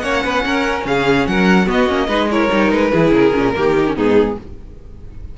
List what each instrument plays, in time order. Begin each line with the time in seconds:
0.00 cello A#3, viola C#4, violin C#5 F#5
0.23 cello B3, violin B4
0.46 cello C#4, violin A#4
0.85 cello C#3, violin G#4 F5
1.27 cello F#3, violin A#4 F#5
1.66 viola B3, cello B3, violin F#4 D#5
1.88 cello A#3, viola C#4
2.07 cello G#3, viola D#4, violin B4
2.31 viola E4, violin A#4 C#5
2.50 cello G3, viola D#4
2.71 cello G#3, violin B4
2.91 cello E3, viola E4, violin G#4
3.11 cello C#3, violin A#4
3.34 cello A#2, viola C#4
3.55 cello D#3, viola A#3, violin G4
3.78 viola D#4
3.87 viola C#4
3.95 cello G#2, viola B3, violin D#4 G#4